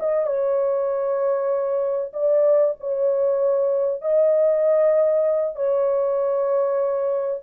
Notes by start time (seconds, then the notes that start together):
0.00 D#5
0.27 C#5
2.14 D5
2.80 C#5
4.02 D#5
5.56 C#5